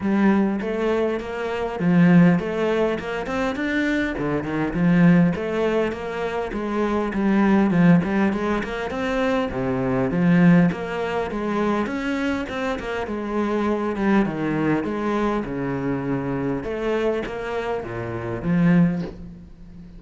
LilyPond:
\new Staff \with { instrumentName = "cello" } { \time 4/4 \tempo 4 = 101 g4 a4 ais4 f4 | a4 ais8 c'8 d'4 d8 dis8 | f4 a4 ais4 gis4 | g4 f8 g8 gis8 ais8 c'4 |
c4 f4 ais4 gis4 | cis'4 c'8 ais8 gis4. g8 | dis4 gis4 cis2 | a4 ais4 ais,4 f4 | }